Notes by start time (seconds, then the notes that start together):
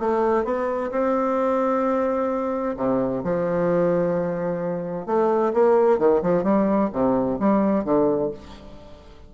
0.00 A3
0.45 B3
0.91 C4
2.77 C3
3.24 F3
5.07 A3
5.54 A#3
5.99 D#3
6.22 F3
6.44 G3
6.93 C3
7.40 G3
7.85 D3